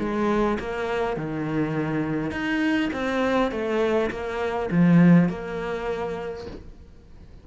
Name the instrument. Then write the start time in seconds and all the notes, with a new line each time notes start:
cello
0.00 G#3
0.60 A#3
1.17 D#3
2.32 D#4
2.94 C4
3.52 A3
4.11 A#3
4.71 F3
5.29 A#3